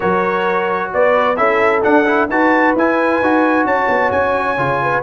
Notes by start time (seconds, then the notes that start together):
0.00 F#3 F#4 A#4 C#5
0.93 B3 B4 D5
1.36 C#4 E4 A4 E5
1.82 D4 F#5
2.05 E4
2.29 D#4 F#4 B4 A5
2.75 E4 G#5
3.21 D#4 F#4
3.64 C#4 C#5 A5
3.88 B3
4.11 C#4 G#5
4.57 C#3 F4
4.82 B4